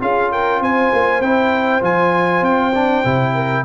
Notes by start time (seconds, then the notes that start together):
0.00 C#4 F4 G#4 F5
0.31 A#4 G5
0.60 C4 C5 G#5
0.93 A#3
1.20 C4 E4 G5
1.81 F3 F4 G#5
2.41 C4 G5
2.74 D4
3.04 C3 E4
3.34 A#4